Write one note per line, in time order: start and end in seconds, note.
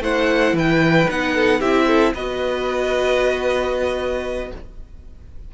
0.00 0.53 A3
0.00 1.07 E4
0.00 0.55 C5
0.00 0.56 F#5
0.53 1.06 E3
0.53 1.34 B4
0.53 1.10 G5
1.08 1.61 B3
1.08 1.61 D#4
1.08 1.60 F#5
1.34 1.59 A4
1.59 2.13 C4
1.59 2.14 E4
1.59 1.85 G4
1.59 2.13 E5
1.87 2.13 A4
2.14 4.51 B3
2.14 4.54 F#4
2.14 4.51 B4
2.14 4.51 D#5